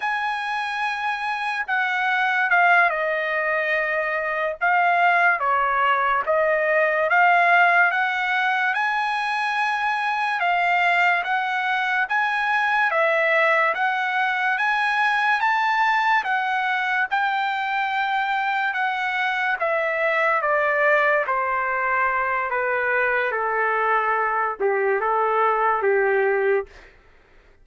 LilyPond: \new Staff \with { instrumentName = "trumpet" } { \time 4/4 \tempo 4 = 72 gis''2 fis''4 f''8 dis''8~ | dis''4. f''4 cis''4 dis''8~ | dis''8 f''4 fis''4 gis''4.~ | gis''8 f''4 fis''4 gis''4 e''8~ |
e''8 fis''4 gis''4 a''4 fis''8~ | fis''8 g''2 fis''4 e''8~ | e''8 d''4 c''4. b'4 | a'4. g'8 a'4 g'4 | }